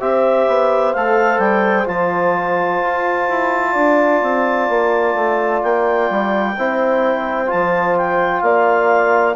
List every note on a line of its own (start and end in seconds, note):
0.00 0.47 C4
0.00 0.94 G4
0.00 3.72 C5
0.00 0.94 E5
0.48 0.95 B3
0.94 1.38 A3
0.94 1.86 A4
0.94 1.39 F5
1.38 1.85 G3
1.38 1.86 G5
1.86 2.82 F3
1.86 6.55 F4
1.86 5.63 A5
2.82 3.29 F4
3.29 3.76 E4
3.72 4.22 D4
3.72 6.53 D5
4.23 4.69 C4
4.69 5.14 A#3
5.14 5.61 A3
5.63 6.10 A#3
5.63 7.50 G5
6.10 6.57 G3
6.57 7.51 C4
6.57 7.47 E4
6.57 8.43 C5
7.47 9.34 F4
7.47 7.97 A5
7.53 8.42 F3
7.97 8.41 G5
8.41 9.36 A#3
8.41 9.36 D5
8.41 9.35 F5